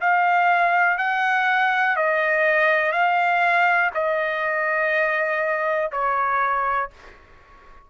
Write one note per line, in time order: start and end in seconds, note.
0.00 0.97 F5
0.97 1.96 F#5
1.96 2.92 D#5
2.92 3.90 F5
3.94 5.91 D#5
5.92 6.90 C#5